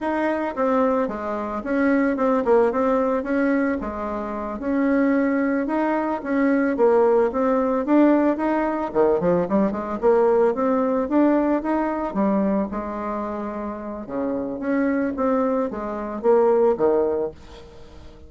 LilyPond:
\new Staff \with { instrumentName = "bassoon" } { \time 4/4 \tempo 4 = 111 dis'4 c'4 gis4 cis'4 | c'8 ais8 c'4 cis'4 gis4~ | gis8 cis'2 dis'4 cis'8~ | cis'8 ais4 c'4 d'4 dis'8~ |
dis'8 dis8 f8 g8 gis8 ais4 c'8~ | c'8 d'4 dis'4 g4 gis8~ | gis2 cis4 cis'4 | c'4 gis4 ais4 dis4 | }